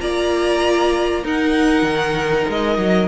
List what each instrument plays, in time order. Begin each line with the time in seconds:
0.00 cello A#3, viola F4, violin D5 A#5
1.23 viola D#4, cello D#4, violin A#4 F#5
1.82 cello D#3
2.48 cello G#3, violin D#5
2.77 cello F#3